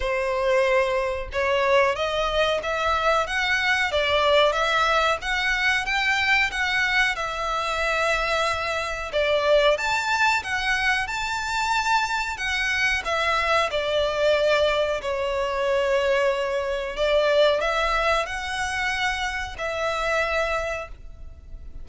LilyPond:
\new Staff \with { instrumentName = "violin" } { \time 4/4 \tempo 4 = 92 c''2 cis''4 dis''4 | e''4 fis''4 d''4 e''4 | fis''4 g''4 fis''4 e''4~ | e''2 d''4 a''4 |
fis''4 a''2 fis''4 | e''4 d''2 cis''4~ | cis''2 d''4 e''4 | fis''2 e''2 | }